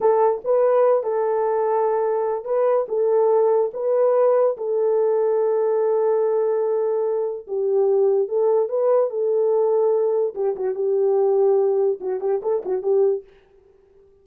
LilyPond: \new Staff \with { instrumentName = "horn" } { \time 4/4 \tempo 4 = 145 a'4 b'4. a'4.~ | a'2 b'4 a'4~ | a'4 b'2 a'4~ | a'1~ |
a'2 g'2 | a'4 b'4 a'2~ | a'4 g'8 fis'8 g'2~ | g'4 fis'8 g'8 a'8 fis'8 g'4 | }